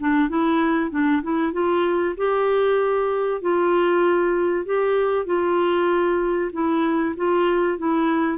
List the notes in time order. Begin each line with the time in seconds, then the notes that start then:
0.00 D4
0.29 E4
0.91 D4
1.23 E4
1.53 F4
2.17 G4
3.41 F4
4.66 G4
5.26 F4
6.53 E4
7.17 F4
7.78 E4